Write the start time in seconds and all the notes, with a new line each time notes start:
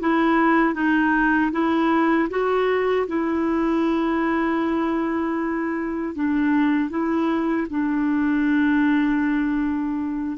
0.00 E4
0.74 D#4
1.52 E4
2.30 F#4
3.07 E4
6.15 D4
6.90 E4
7.70 D4